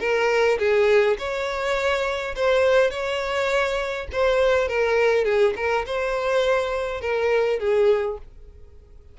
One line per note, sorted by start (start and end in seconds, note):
0.00 0.58 A#4
0.59 1.17 G#4
1.19 2.35 C#5
2.36 2.91 C5
2.91 4.07 C#5
4.13 4.68 C5
4.68 5.25 A#4
5.25 5.54 G#4
5.56 5.85 A#4
5.86 7.01 C5
7.01 7.59 A#4
7.60 8.18 G#4